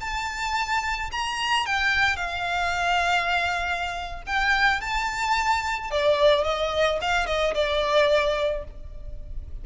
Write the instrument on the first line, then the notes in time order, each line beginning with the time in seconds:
violin
0.00 A5
1.11 A#5
1.65 G5
2.16 F5
4.26 G5
4.80 A5
5.90 D5
6.44 D#5
7.01 F5
7.26 D#5
7.54 D5